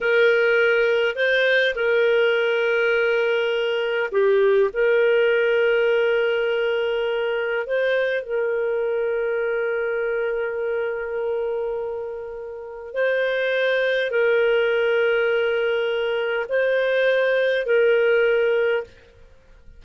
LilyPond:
\new Staff \with { instrumentName = "clarinet" } { \time 4/4 \tempo 4 = 102 ais'2 c''4 ais'4~ | ais'2. g'4 | ais'1~ | ais'4 c''4 ais'2~ |
ais'1~ | ais'2 c''2 | ais'1 | c''2 ais'2 | }